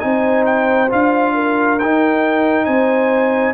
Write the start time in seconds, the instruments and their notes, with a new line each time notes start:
0.00 tuba C4, trombone D#4, horn C5, trumpet G#5
0.46 trumpet G5
0.90 tuba D4, trombone F4, trumpet F5
1.35 horn A#4
1.79 tuba D#4, trombone D#4, trumpet G5
2.65 tuba C4, horn C5, trumpet G#5